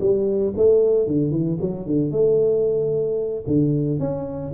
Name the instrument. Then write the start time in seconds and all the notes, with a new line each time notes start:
tuba
0.00 G3
0.56 A3
1.07 D3
1.31 E3
1.61 F#3
1.86 D3
2.11 A3
3.47 D3
3.99 C#4